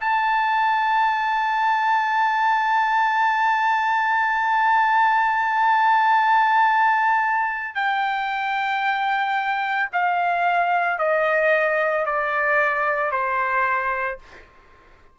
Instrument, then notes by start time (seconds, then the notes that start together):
trumpet
0.00 A5
7.74 G5
9.93 F5
10.98 D#5
12.05 D5
13.11 C5